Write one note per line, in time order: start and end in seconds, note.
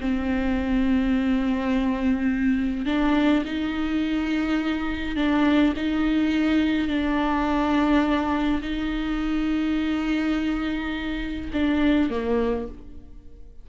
0.00 2.86 C4
2.86 3.43 D4
3.45 5.16 D#4
5.16 5.73 D4
5.76 6.88 D#4
6.88 8.61 D4
8.62 11.50 D#4
11.53 12.10 D4
12.10 12.67 A#3